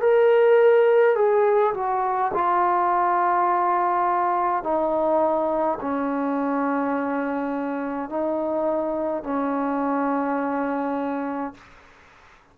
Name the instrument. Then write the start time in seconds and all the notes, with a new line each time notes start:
trombone
0.00 A#4
1.15 G#4
1.74 F#4
2.33 F4
4.63 D#4
5.81 C#4
8.09 D#4
9.23 C#4